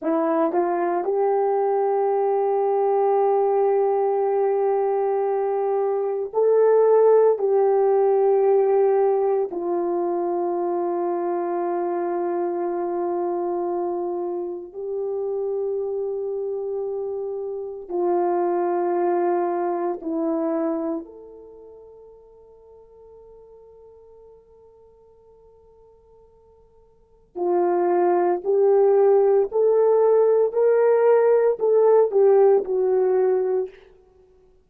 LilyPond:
\new Staff \with { instrumentName = "horn" } { \time 4/4 \tempo 4 = 57 e'8 f'8 g'2.~ | g'2 a'4 g'4~ | g'4 f'2.~ | f'2 g'2~ |
g'4 f'2 e'4 | a'1~ | a'2 f'4 g'4 | a'4 ais'4 a'8 g'8 fis'4 | }